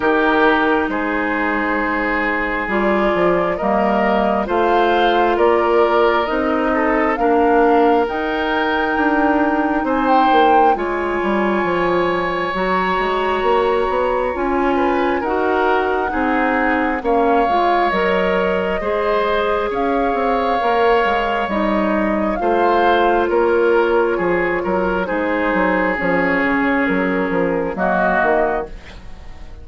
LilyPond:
<<
  \new Staff \with { instrumentName = "flute" } { \time 4/4 \tempo 4 = 67 ais'4 c''2 d''4 | dis''4 f''4 d''4 dis''4 | f''4 g''2 gis''16 g''8. | gis''2 ais''2 |
gis''4 fis''2 f''4 | dis''2 f''2 | dis''4 f''4 cis''2 | c''4 cis''4 ais'4 dis''4 | }
  \new Staff \with { instrumentName = "oboe" } { \time 4/4 g'4 gis'2. | ais'4 c''4 ais'4. a'8 | ais'2. c''4 | cis''1~ |
cis''8 b'8 ais'4 gis'4 cis''4~ | cis''4 c''4 cis''2~ | cis''4 c''4 ais'4 gis'8 ais'8 | gis'2. fis'4 | }
  \new Staff \with { instrumentName = "clarinet" } { \time 4/4 dis'2. f'4 | ais4 f'2 dis'4 | d'4 dis'2. | f'2 fis'2 |
f'4 fis'4 dis'4 cis'8 f'8 | ais'4 gis'2 ais'4 | dis'4 f'2. | dis'4 cis'2 ais4 | }
  \new Staff \with { instrumentName = "bassoon" } { \time 4/4 dis4 gis2 g8 f8 | g4 a4 ais4 c'4 | ais4 dis'4 d'4 c'8 ais8 | gis8 g8 f4 fis8 gis8 ais8 b8 |
cis'4 dis'4 c'4 ais8 gis8 | fis4 gis4 cis'8 c'8 ais8 gis8 | g4 a4 ais4 f8 fis8 | gis8 fis8 f8 cis8 fis8 f8 fis8 dis8 | }
>>